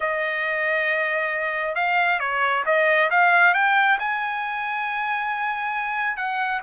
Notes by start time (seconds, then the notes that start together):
0.00 D#5
1.75 F5
2.19 C#5
2.65 D#5
3.10 F5
3.54 G5
3.99 G#5
6.16 F#5